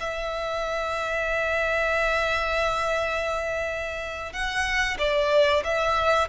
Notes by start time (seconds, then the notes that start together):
0.00 E5
4.33 F#5
4.99 D5
5.64 E5